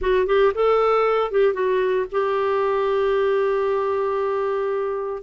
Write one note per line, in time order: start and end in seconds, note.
0.01 0.26 F#4
0.26 0.52 G4
0.54 1.31 A4
1.31 1.53 G4
1.53 2.05 F#4
2.11 5.22 G4